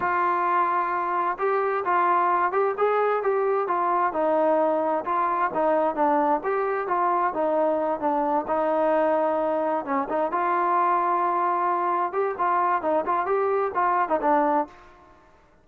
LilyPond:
\new Staff \with { instrumentName = "trombone" } { \time 4/4 \tempo 4 = 131 f'2. g'4 | f'4. g'8 gis'4 g'4 | f'4 dis'2 f'4 | dis'4 d'4 g'4 f'4 |
dis'4. d'4 dis'4.~ | dis'4. cis'8 dis'8 f'4.~ | f'2~ f'8 g'8 f'4 | dis'8 f'8 g'4 f'8. dis'16 d'4 | }